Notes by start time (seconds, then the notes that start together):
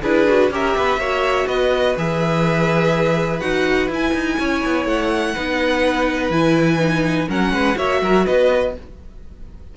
0.00 D4 E4 G#4 B4
0.27 F#4
0.50 C#4 G4 A#4 E5
0.77 B3 B4
0.97 A#3 F#4 C#5
1.47 B3 B4 D#5
1.97 E3 G#4 E5
3.40 D#4 F#4 F#5
3.88 E4 G#5
4.14 D#4
4.39 C#4 C#5
4.65 B3
4.85 A3 F#5
5.35 B3 D#4 B4
6.29 E3 E4 G#5
6.79 D#4
7.28 F#3 C#4 A#4 F#5
7.51 G#3 B4
7.75 A#3 F#4 C#5 E5
8.02 F#3 A#4
8.26 B3 B4 D#5